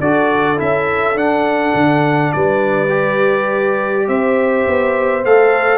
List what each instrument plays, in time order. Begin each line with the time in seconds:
0.00 tuba D4, trombone F#4, horn A4, trumpet D5
0.57 tuba C#4, trombone E4, trumpet E5
1.15 tuba D4, trombone D4, trumpet F#5
1.74 tuba D3
2.33 tuba G3, horn B4, trumpet D5
2.89 trombone G4
4.07 tuba C4, horn C5, trumpet E5
4.67 tuba B3
5.25 tuba A3, trombone A4, trumpet F5